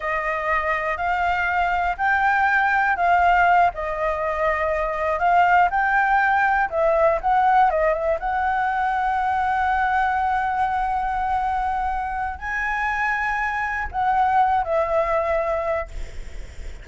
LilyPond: \new Staff \with { instrumentName = "flute" } { \time 4/4 \tempo 4 = 121 dis''2 f''2 | g''2 f''4. dis''8~ | dis''2~ dis''8 f''4 g''8~ | g''4. e''4 fis''4 dis''8 |
e''8 fis''2.~ fis''8~ | fis''1~ | fis''4 gis''2. | fis''4. e''2~ e''8 | }